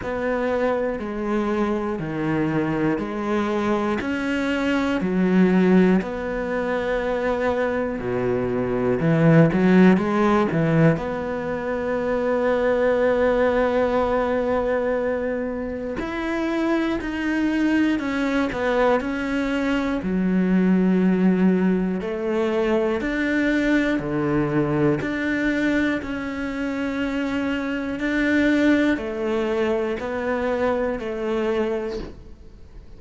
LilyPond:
\new Staff \with { instrumentName = "cello" } { \time 4/4 \tempo 4 = 60 b4 gis4 dis4 gis4 | cis'4 fis4 b2 | b,4 e8 fis8 gis8 e8 b4~ | b1 |
e'4 dis'4 cis'8 b8 cis'4 | fis2 a4 d'4 | d4 d'4 cis'2 | d'4 a4 b4 a4 | }